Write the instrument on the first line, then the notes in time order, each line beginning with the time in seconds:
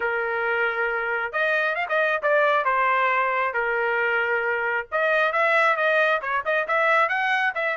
trumpet
0.00 A#4
1.32 D#5
1.75 F5
1.88 D#5
2.22 D5
2.64 C5
3.53 A#4
4.91 D#5
5.32 E5
5.76 D#5
6.21 C#5
6.45 D#5
6.67 E5
7.08 F#5
7.55 E5